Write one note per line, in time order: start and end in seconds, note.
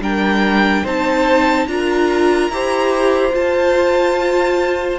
0.00 0.83 G3
0.00 0.85 D4
0.00 0.83 A#4
0.00 0.86 G5
0.83 1.67 C4
0.83 1.68 D#4
0.83 1.66 C5
0.83 1.68 A5
1.67 2.49 D4
1.67 2.51 F4
1.67 2.54 A#4
1.67 3.34 A#5
2.49 3.33 E4
2.49 3.31 G4
2.49 4.99 C5
3.31 4.98 F4
3.31 4.99 F4
3.31 4.99 A5